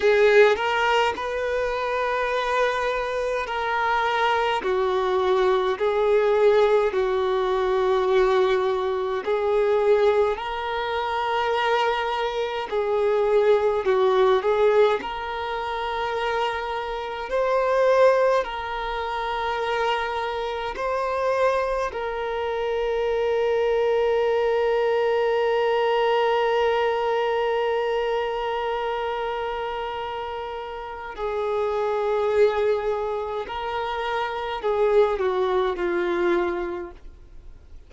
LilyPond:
\new Staff \with { instrumentName = "violin" } { \time 4/4 \tempo 4 = 52 gis'8 ais'8 b'2 ais'4 | fis'4 gis'4 fis'2 | gis'4 ais'2 gis'4 | fis'8 gis'8 ais'2 c''4 |
ais'2 c''4 ais'4~ | ais'1~ | ais'2. gis'4~ | gis'4 ais'4 gis'8 fis'8 f'4 | }